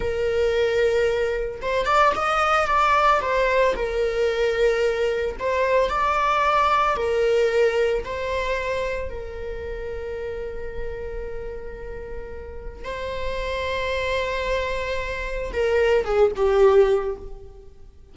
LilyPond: \new Staff \with { instrumentName = "viola" } { \time 4/4 \tempo 4 = 112 ais'2. c''8 d''8 | dis''4 d''4 c''4 ais'4~ | ais'2 c''4 d''4~ | d''4 ais'2 c''4~ |
c''4 ais'2.~ | ais'1 | c''1~ | c''4 ais'4 gis'8 g'4. | }